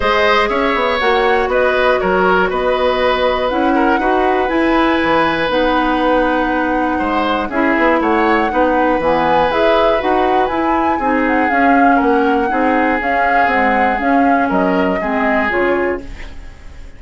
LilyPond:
<<
  \new Staff \with { instrumentName = "flute" } { \time 4/4 \tempo 4 = 120 dis''4 e''4 fis''4 dis''4 | cis''4 dis''2 fis''4~ | fis''4 gis''2 fis''4~ | fis''2. e''4 |
fis''2 gis''4 e''4 | fis''4 gis''4. fis''8 f''4 | fis''2 f''4 fis''4 | f''4 dis''2 cis''4 | }
  \new Staff \with { instrumentName = "oboe" } { \time 4/4 c''4 cis''2 b'4 | ais'4 b'2~ b'8 ais'8 | b'1~ | b'2 c''4 gis'4 |
cis''4 b'2.~ | b'2 gis'2 | ais'4 gis'2.~ | gis'4 ais'4 gis'2 | }
  \new Staff \with { instrumentName = "clarinet" } { \time 4/4 gis'2 fis'2~ | fis'2. e'4 | fis'4 e'2 dis'4~ | dis'2. e'4~ |
e'4 dis'4 b4 gis'4 | fis'4 e'4 dis'4 cis'4~ | cis'4 dis'4 cis'4 gis4 | cis'2 c'4 f'4 | }
  \new Staff \with { instrumentName = "bassoon" } { \time 4/4 gis4 cis'8 b8 ais4 b4 | fis4 b2 cis'4 | dis'4 e'4 e4 b4~ | b2 gis4 cis'8 b8 |
a4 b4 e4 e'4 | dis'4 e'4 c'4 cis'4 | ais4 c'4 cis'4 c'4 | cis'4 fis4 gis4 cis4 | }
>>